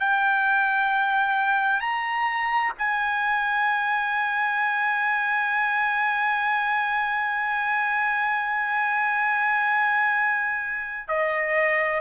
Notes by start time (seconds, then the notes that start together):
0.00 G5
1.80 A#5
2.78 G#5
11.08 D#5